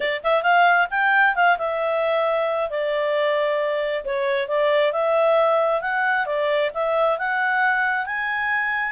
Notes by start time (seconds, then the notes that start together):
0.00 D5
0.23 E5
0.43 F5
0.90 G5
1.35 F5
1.58 E5
2.70 D5
4.04 C#5
4.48 D5
4.92 E5
5.81 F#5
6.26 D5
6.74 E5
7.18 F#5
8.06 G#5